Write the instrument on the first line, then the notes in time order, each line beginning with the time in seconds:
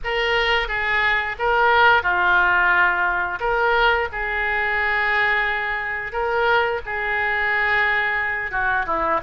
oboe
0.03 A#4
0.68 G#4
1.39 A#4
2.03 F4
3.40 A#4
4.12 G#4
6.12 A#4
6.85 G#4
8.51 F#4
8.86 E4